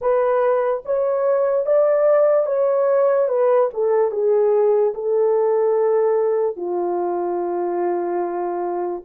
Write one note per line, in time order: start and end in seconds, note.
0.01 0.83 B4
0.85 1.66 C#5
1.66 2.46 D5
2.46 3.28 C#5
3.28 3.69 B4
3.73 4.11 A4
4.11 4.93 G#4
4.94 6.56 A4
6.56 9.02 F4